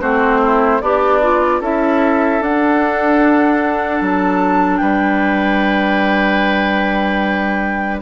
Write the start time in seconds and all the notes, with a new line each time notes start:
0.00 A3 C4 F#4 C5
0.42 E4
0.81 B3 D4 G4 D5
1.22 F4
1.60 C#4 E4 A4 E5
2.40 D4 F#5
4.00 F#3 A5
4.77 G3 B4 G5